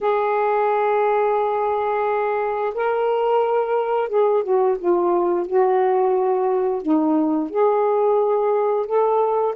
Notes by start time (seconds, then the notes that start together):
0.01 G#4
2.74 A#4
4.08 G#4
4.43 F#4
4.78 F4
5.46 F#4
6.82 D#4
7.50 G#4
8.86 A4